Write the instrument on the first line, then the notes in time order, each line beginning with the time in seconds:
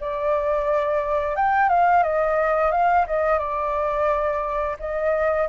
flute
0.00 D5
1.36 G5
1.69 F5
2.03 D#5
2.71 F5
3.07 D#5
3.39 D5
4.79 D#5